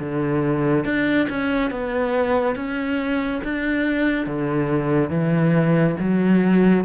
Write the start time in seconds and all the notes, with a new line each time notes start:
0.00 D3
0.85 D4
1.29 C#4
1.71 B3
2.56 C#4
3.44 D4
4.27 D3
5.10 E3
6.00 F#3